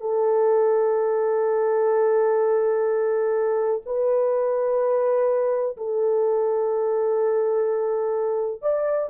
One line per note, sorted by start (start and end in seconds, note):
0.00 3.81 A4
3.86 5.76 B4
5.77 8.62 A4
8.62 9.10 D5